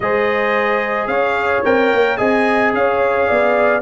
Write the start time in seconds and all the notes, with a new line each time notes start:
0.00 G#3 G#4 C5 D#5
1.07 C#4 C#5 F5
1.64 C4 A#4 G5
1.92 A#3
2.17 C4 G#4 D#5 G#5
2.73 C#4 C#5 F5
3.27 B3 D5